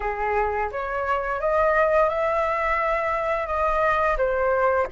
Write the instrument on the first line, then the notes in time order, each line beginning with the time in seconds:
flute
0.00 G#4
0.71 C#5
1.40 D#5
2.09 E5
3.47 D#5
4.17 C5